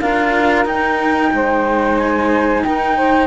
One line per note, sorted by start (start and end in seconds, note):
0.00 0.65 D4
0.00 0.64 F4
0.00 1.31 A#4
0.00 0.65 F5
0.64 3.25 D#4
0.64 1.31 D#4
0.64 1.97 G5
1.33 2.63 G#3
1.33 2.64 C5
1.97 2.63 G#5
2.63 3.27 D#4
2.63 2.96 A#4
2.63 3.27 G5
2.96 3.27 C5